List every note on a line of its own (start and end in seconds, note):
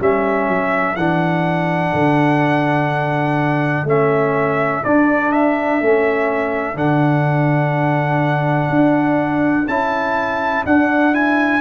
0.00 0.48 G3
0.00 0.97 C#4
0.00 11.60 A4
0.00 0.96 E5
0.49 0.96 F#3
0.96 1.93 E3
0.96 3.87 D4
0.96 3.86 F#5
1.94 3.84 D3
3.84 4.81 A3
3.84 4.84 C#4
3.84 4.84 E5
4.84 5.81 D4
4.84 5.82 D4
4.84 5.32 D5
5.32 6.77 E5
5.81 6.75 A3
5.81 6.75 C#4
6.75 8.69 D3
6.75 9.65 D4
6.75 9.68 F#5
8.70 9.67 D4
9.68 10.65 C#4
9.68 10.66 E4
9.68 10.65 A5
10.65 11.60 D4
10.65 11.13 D4
10.65 11.14 F#5
11.13 11.60 E4
11.13 11.60 G#5